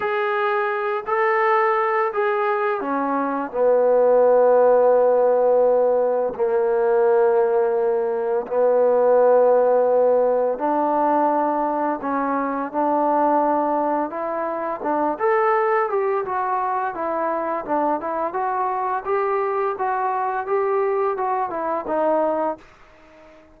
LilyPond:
\new Staff \with { instrumentName = "trombone" } { \time 4/4 \tempo 4 = 85 gis'4. a'4. gis'4 | cis'4 b2.~ | b4 ais2. | b2. d'4~ |
d'4 cis'4 d'2 | e'4 d'8 a'4 g'8 fis'4 | e'4 d'8 e'8 fis'4 g'4 | fis'4 g'4 fis'8 e'8 dis'4 | }